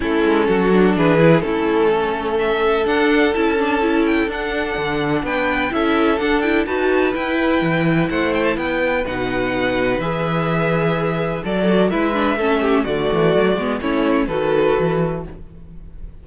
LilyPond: <<
  \new Staff \with { instrumentName = "violin" } { \time 4/4 \tempo 4 = 126 a'2 b'4 a'4~ | a'4 e''4 fis''4 a''4~ | a''8 g''8 fis''2 g''4 | e''4 fis''8 g''8 a''4 g''4~ |
g''4 fis''8 g''16 a''16 g''4 fis''4~ | fis''4 e''2. | d''4 e''2 d''4~ | d''4 cis''4 b'2 | }
  \new Staff \with { instrumentName = "violin" } { \time 4/4 e'4 fis'4 gis'4 e'4 | a'1~ | a'2. b'4 | a'2 b'2~ |
b'4 c''4 b'2~ | b'1 | a'4 b'4 a'8 g'8 fis'4~ | fis'4 e'4 a'2 | }
  \new Staff \with { instrumentName = "viola" } { \time 4/4 cis'4. d'4 e'8 cis'4~ | cis'2 d'4 e'8 d'8 | e'4 d'2. | e'4 d'8 e'8 fis'4 e'4~ |
e'2. dis'4~ | dis'4 gis'2. | a'8 fis'8 e'8 d'8 cis'4 a4~ | a8 b8 cis'4 fis'2 | }
  \new Staff \with { instrumentName = "cello" } { \time 4/4 a8 gis8 fis4 e4 a4~ | a2 d'4 cis'4~ | cis'4 d'4 d4 b4 | cis'4 d'4 dis'4 e'4 |
e4 a4 b4 b,4~ | b,4 e2. | fis4 gis4 a4 d8 e8 | fis8 gis8 a4 dis4 e4 | }
>>